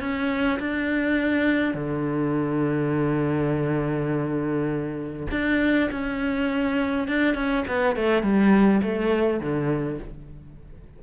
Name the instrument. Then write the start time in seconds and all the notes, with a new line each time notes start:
cello
0.00 C#4
0.59 D4
1.74 D3
5.31 D4
5.91 C#4
7.08 D4
7.34 C#4
7.67 B3
7.96 A3
8.22 G3
8.82 A3
9.40 D3